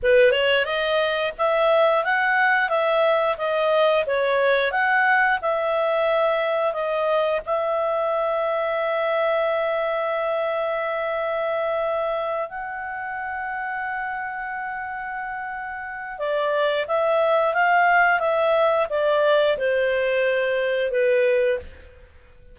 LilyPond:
\new Staff \with { instrumentName = "clarinet" } { \time 4/4 \tempo 4 = 89 b'8 cis''8 dis''4 e''4 fis''4 | e''4 dis''4 cis''4 fis''4 | e''2 dis''4 e''4~ | e''1~ |
e''2~ e''8 fis''4.~ | fis''1 | d''4 e''4 f''4 e''4 | d''4 c''2 b'4 | }